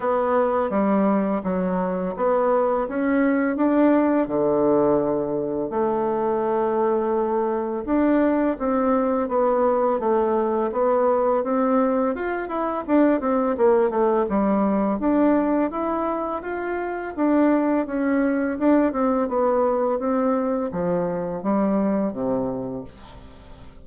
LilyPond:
\new Staff \with { instrumentName = "bassoon" } { \time 4/4 \tempo 4 = 84 b4 g4 fis4 b4 | cis'4 d'4 d2 | a2. d'4 | c'4 b4 a4 b4 |
c'4 f'8 e'8 d'8 c'8 ais8 a8 | g4 d'4 e'4 f'4 | d'4 cis'4 d'8 c'8 b4 | c'4 f4 g4 c4 | }